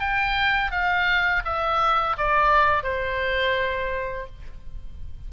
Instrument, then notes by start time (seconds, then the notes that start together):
oboe
0.00 G5
0.71 F5
1.45 E5
2.18 D5
2.83 C5